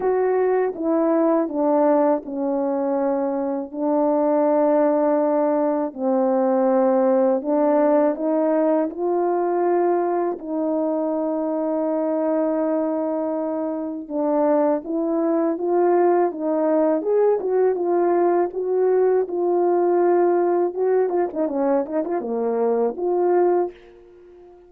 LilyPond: \new Staff \with { instrumentName = "horn" } { \time 4/4 \tempo 4 = 81 fis'4 e'4 d'4 cis'4~ | cis'4 d'2. | c'2 d'4 dis'4 | f'2 dis'2~ |
dis'2. d'4 | e'4 f'4 dis'4 gis'8 fis'8 | f'4 fis'4 f'2 | fis'8 f'16 dis'16 cis'8 dis'16 f'16 ais4 f'4 | }